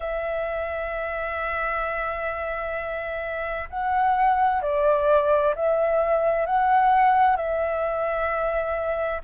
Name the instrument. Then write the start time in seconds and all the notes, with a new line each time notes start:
flute
0.00 E5
3.69 F#5
4.62 D5
5.55 E5
6.46 F#5
7.36 E5